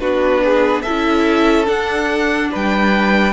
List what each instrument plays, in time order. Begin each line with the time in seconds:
0.00 cello B3, viola D4, violin F#4 B4
0.44 violin G#4
0.82 viola E4, violin A4 E5
0.88 cello C#4
1.66 viola D4, cello D4, violin F#5
2.52 cello G3, violin B4 G5